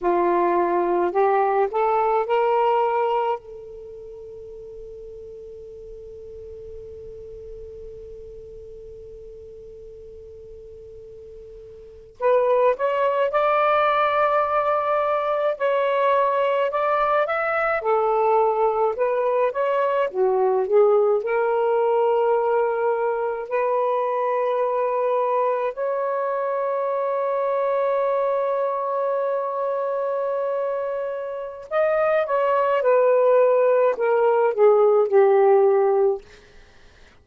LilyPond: \new Staff \with { instrumentName = "saxophone" } { \time 4/4 \tempo 4 = 53 f'4 g'8 a'8 ais'4 a'4~ | a'1~ | a'2~ a'8. b'8 cis''8 d''16~ | d''4.~ d''16 cis''4 d''8 e''8 a'16~ |
a'8. b'8 cis''8 fis'8 gis'8 ais'4~ ais'16~ | ais'8. b'2 cis''4~ cis''16~ | cis''1 | dis''8 cis''8 b'4 ais'8 gis'8 g'4 | }